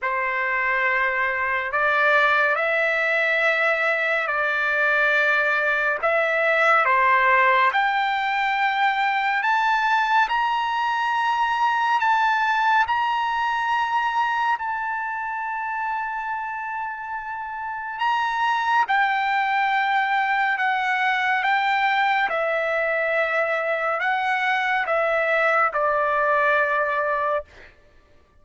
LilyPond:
\new Staff \with { instrumentName = "trumpet" } { \time 4/4 \tempo 4 = 70 c''2 d''4 e''4~ | e''4 d''2 e''4 | c''4 g''2 a''4 | ais''2 a''4 ais''4~ |
ais''4 a''2.~ | a''4 ais''4 g''2 | fis''4 g''4 e''2 | fis''4 e''4 d''2 | }